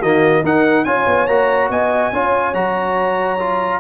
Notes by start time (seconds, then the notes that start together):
0.00 D#3 A#3 F#4 D#5
0.43 D#4 A#4 F#5
0.85 C#4 F4 C#5 G#5
1.07 B3
1.27 A#3 F#4 A#5
1.70 B3 D#5 G#5
2.13 C#4 F4 C#5
2.54 F#3 F#4 A#5
3.40 F4